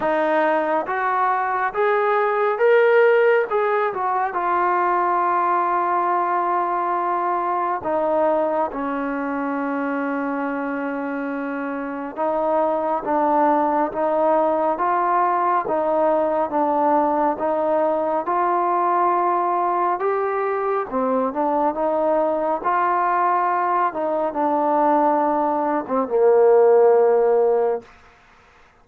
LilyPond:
\new Staff \with { instrumentName = "trombone" } { \time 4/4 \tempo 4 = 69 dis'4 fis'4 gis'4 ais'4 | gis'8 fis'8 f'2.~ | f'4 dis'4 cis'2~ | cis'2 dis'4 d'4 |
dis'4 f'4 dis'4 d'4 | dis'4 f'2 g'4 | c'8 d'8 dis'4 f'4. dis'8 | d'4.~ d'16 c'16 ais2 | }